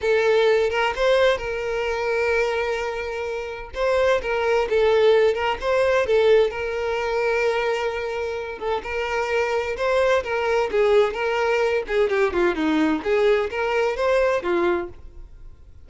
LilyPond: \new Staff \with { instrumentName = "violin" } { \time 4/4 \tempo 4 = 129 a'4. ais'8 c''4 ais'4~ | ais'1 | c''4 ais'4 a'4. ais'8 | c''4 a'4 ais'2~ |
ais'2~ ais'8 a'8 ais'4~ | ais'4 c''4 ais'4 gis'4 | ais'4. gis'8 g'8 f'8 dis'4 | gis'4 ais'4 c''4 f'4 | }